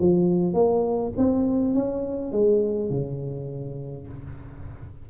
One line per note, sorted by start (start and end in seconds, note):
0.00 0.53 F3
0.53 1.12 A#3
1.17 1.74 C4
1.74 2.32 C#4
2.32 2.90 G#3
2.90 4.07 C#3